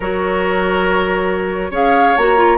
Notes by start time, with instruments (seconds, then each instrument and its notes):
0.00 bassoon F#3, clarinet F#4, oboe A#4, flute C#5
1.70 bassoon C#4, clarinet G#4, oboe C#5, flute F5
2.17 bassoon A#3, clarinet F#4, flute A#5
2.37 clarinet F4